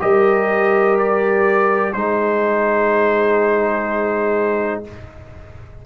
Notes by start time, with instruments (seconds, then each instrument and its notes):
0.00 tuba G3, trombone G4, horn A#4, trumpet D#5
0.99 trumpet D5
1.93 tuba G#3, trombone D#4, horn G#4, trumpet C5